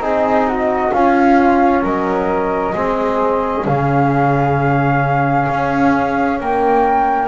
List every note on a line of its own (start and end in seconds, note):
0.00 0.91 C4
0.00 0.91 D#4
0.00 0.48 G#4
0.00 0.93 D#5
0.48 0.93 F#4
0.93 2.75 C#4
0.93 1.83 C#4
0.93 1.83 F4
0.93 1.84 F5
1.83 2.74 F#3
1.83 2.74 A#4
1.83 3.66 D#5
2.75 3.65 G#3
2.75 3.66 C4
2.75 6.39 G#4
3.65 5.47 C#3
3.65 7.28 C#4
3.65 6.39 F5
5.49 6.40 C#4
6.39 7.28 A#3
6.39 7.28 A#4
6.39 7.28 G5